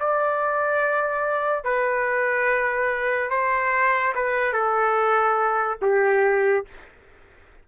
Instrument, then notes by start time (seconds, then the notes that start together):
trumpet
0.00 D5
1.64 B4
3.31 C5
4.16 B4
4.53 A4
5.82 G4